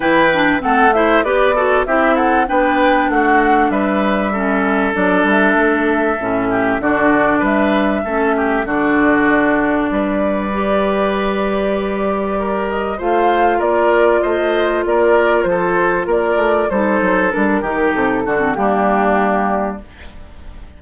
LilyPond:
<<
  \new Staff \with { instrumentName = "flute" } { \time 4/4 \tempo 4 = 97 g''4 fis''8 e''8 d''4 e''8 fis''8 | g''4 fis''4 e''2 | d''8 e''2~ e''8 d''4 | e''2 d''2~ |
d''1~ | d''8 dis''8 f''4 d''4 dis''4 | d''4 c''4 d''4 c''4 | ais'4 a'4 g'2 | }
  \new Staff \with { instrumentName = "oboe" } { \time 4/4 b'4 a'8 c''8 b'8 a'8 g'8 a'8 | b'4 fis'4 b'4 a'4~ | a'2~ a'8 g'8 fis'4 | b'4 a'8 g'8 fis'2 |
b'1 | ais'4 c''4 ais'4 c''4 | ais'4 a'4 ais'4 a'4~ | a'8 g'4 fis'8 d'2 | }
  \new Staff \with { instrumentName = "clarinet" } { \time 4/4 e'8 d'8 c'8 e'8 g'8 fis'8 e'4 | d'2. cis'4 | d'2 cis'4 d'4~ | d'4 cis'4 d'2~ |
d'4 g'2.~ | g'4 f'2.~ | f'2. dis'4 | d'8 dis'4 d'16 c'16 ais2 | }
  \new Staff \with { instrumentName = "bassoon" } { \time 4/4 e4 a4 b4 c'4 | b4 a4 g2 | fis8 g8 a4 a,4 d4 | g4 a4 d2 |
g1~ | g4 a4 ais4 a4 | ais4 f4 ais8 a8 g8 fis8 | g8 dis8 c8 d8 g2 | }
>>